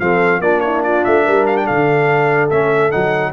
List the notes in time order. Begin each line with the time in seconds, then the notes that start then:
0.00 F3 C4 A4 F5
0.40 A#3 D4 F4 D5
0.61 E4 C#5
0.84 F4 D5
1.05 A3 E5
1.25 G3 A#4
1.47 F5
1.57 G5
1.66 D3 A4 F5
2.51 A3 C#4 E5
2.92 F#3 D#4 F#5